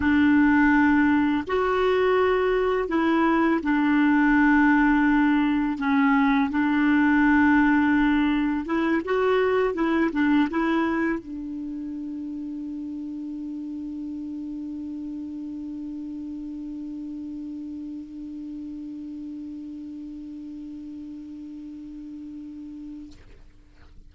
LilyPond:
\new Staff \with { instrumentName = "clarinet" } { \time 4/4 \tempo 4 = 83 d'2 fis'2 | e'4 d'2. | cis'4 d'2. | e'8 fis'4 e'8 d'8 e'4 d'8~ |
d'1~ | d'1~ | d'1~ | d'1 | }